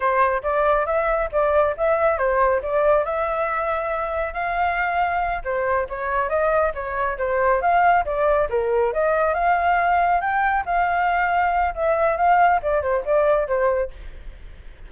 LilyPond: \new Staff \with { instrumentName = "flute" } { \time 4/4 \tempo 4 = 138 c''4 d''4 e''4 d''4 | e''4 c''4 d''4 e''4~ | e''2 f''2~ | f''8 c''4 cis''4 dis''4 cis''8~ |
cis''8 c''4 f''4 d''4 ais'8~ | ais'8 dis''4 f''2 g''8~ | g''8 f''2~ f''8 e''4 | f''4 d''8 c''8 d''4 c''4 | }